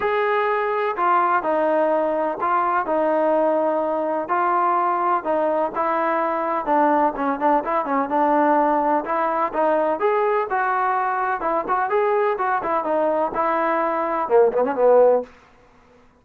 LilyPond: \new Staff \with { instrumentName = "trombone" } { \time 4/4 \tempo 4 = 126 gis'2 f'4 dis'4~ | dis'4 f'4 dis'2~ | dis'4 f'2 dis'4 | e'2 d'4 cis'8 d'8 |
e'8 cis'8 d'2 e'4 | dis'4 gis'4 fis'2 | e'8 fis'8 gis'4 fis'8 e'8 dis'4 | e'2 ais8 b16 cis'16 b4 | }